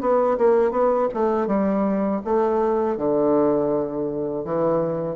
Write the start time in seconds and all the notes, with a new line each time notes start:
0.00 B3
0.37 A#3
0.71 B3
1.13 A3
1.47 G3
2.24 A3
2.97 D3
4.44 E3